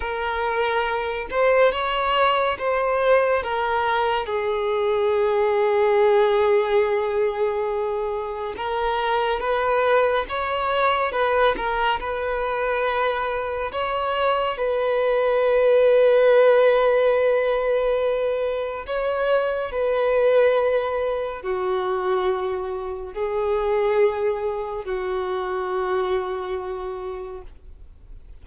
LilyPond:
\new Staff \with { instrumentName = "violin" } { \time 4/4 \tempo 4 = 70 ais'4. c''8 cis''4 c''4 | ais'4 gis'2.~ | gis'2 ais'4 b'4 | cis''4 b'8 ais'8 b'2 |
cis''4 b'2.~ | b'2 cis''4 b'4~ | b'4 fis'2 gis'4~ | gis'4 fis'2. | }